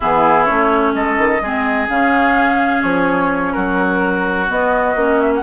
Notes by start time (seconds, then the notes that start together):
0.00 E3 B3 E4 G#4
0.45 A3 C#4 C#5
0.94 G#3 A4 D#5
1.17 D#3
1.41 G#3 C4 G#4
1.88 C#3 C#4 F5
2.82 F3 C#5
3.52 F#3 F#4 A#4
4.48 B3 D#5
4.95 A#3 C#4
5.20 E5
5.35 F#5